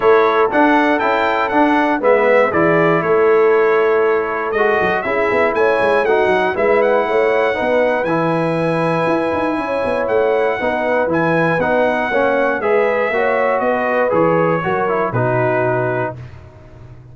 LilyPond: <<
  \new Staff \with { instrumentName = "trumpet" } { \time 4/4 \tempo 4 = 119 cis''4 fis''4 g''4 fis''4 | e''4 d''4 cis''2~ | cis''4 dis''4 e''4 gis''4 | fis''4 e''8 fis''2~ fis''8 |
gis''1 | fis''2 gis''4 fis''4~ | fis''4 e''2 dis''4 | cis''2 b'2 | }
  \new Staff \with { instrumentName = "horn" } { \time 4/4 a'1 | b'4 gis'4 a'2~ | a'2 gis'4 cis''4 | fis'4 b'4 cis''4 b'4~ |
b'2. cis''4~ | cis''4 b'2. | cis''4 b'4 cis''4 b'4~ | b'4 ais'4 fis'2 | }
  \new Staff \with { instrumentName = "trombone" } { \time 4/4 e'4 d'4 e'4 d'4 | b4 e'2.~ | e'4 fis'4 e'2 | dis'4 e'2 dis'4 |
e'1~ | e'4 dis'4 e'4 dis'4 | cis'4 gis'4 fis'2 | gis'4 fis'8 e'8 dis'2 | }
  \new Staff \with { instrumentName = "tuba" } { \time 4/4 a4 d'4 cis'4 d'4 | gis4 e4 a2~ | a4 gis8 fis8 cis'8 b8 a8 gis8 | a8 fis8 gis4 a4 b4 |
e2 e'8 dis'8 cis'8 b8 | a4 b4 e4 b4 | ais4 gis4 ais4 b4 | e4 fis4 b,2 | }
>>